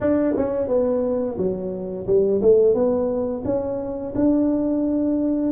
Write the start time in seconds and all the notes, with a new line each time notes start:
0.00 D4
0.36 C#4
0.67 B3
1.37 F#3
2.06 G3
2.41 A3
2.74 B3
3.44 C#4
4.15 D4